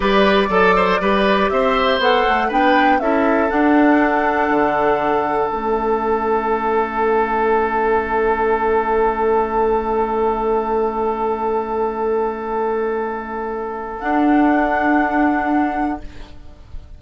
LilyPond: <<
  \new Staff \with { instrumentName = "flute" } { \time 4/4 \tempo 4 = 120 d''2. e''4 | fis''4 g''4 e''4 fis''4~ | fis''2. e''4~ | e''1~ |
e''1~ | e''1~ | e''1 | fis''1 | }
  \new Staff \with { instrumentName = "oboe" } { \time 4/4 b'4 a'8 c''8 b'4 c''4~ | c''4 b'4 a'2~ | a'1~ | a'1~ |
a'1~ | a'1~ | a'1~ | a'1 | }
  \new Staff \with { instrumentName = "clarinet" } { \time 4/4 g'4 a'4 g'2 | a'4 d'4 e'4 d'4~ | d'2. cis'4~ | cis'1~ |
cis'1~ | cis'1~ | cis'1 | d'1 | }
  \new Staff \with { instrumentName = "bassoon" } { \time 4/4 g4 fis4 g4 c'4 | b8 a8 b4 cis'4 d'4~ | d'4 d2 a4~ | a1~ |
a1~ | a1~ | a1 | d'1 | }
>>